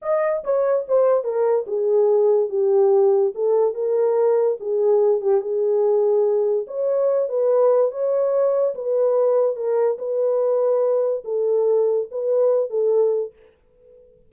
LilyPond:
\new Staff \with { instrumentName = "horn" } { \time 4/4 \tempo 4 = 144 dis''4 cis''4 c''4 ais'4 | gis'2 g'2 | a'4 ais'2 gis'4~ | gis'8 g'8 gis'2. |
cis''4. b'4. cis''4~ | cis''4 b'2 ais'4 | b'2. a'4~ | a'4 b'4. a'4. | }